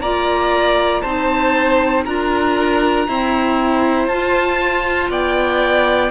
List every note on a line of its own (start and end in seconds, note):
0.00 1.02 A#3
0.00 1.05 F4
0.00 1.02 D5
0.00 1.02 A#5
1.02 2.07 C4
1.02 2.07 D#4
1.02 2.04 C5
1.02 2.04 A5
2.05 3.08 D4
2.05 3.08 F4
2.05 3.07 A#4
2.05 4.08 A#5
3.08 4.10 C4
3.08 4.08 E4
3.08 5.11 C5
4.08 5.10 F4
4.08 6.11 F4
4.08 5.10 A5
5.10 6.11 B3
5.10 6.11 D5
5.10 6.11 G5